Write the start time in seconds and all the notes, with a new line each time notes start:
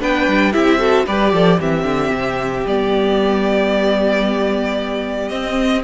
0.00 B3 D4 B4 G5
0.28 G3
0.52 C4 E4 G4 E5
0.79 F#4 A4
1.06 G3 G4 B4 D5
1.33 F3 A4
1.59 E3 C4 G4 E5
1.84 D3
2.11 C3
2.66 G3 B3 D5
5.29 C4 D#5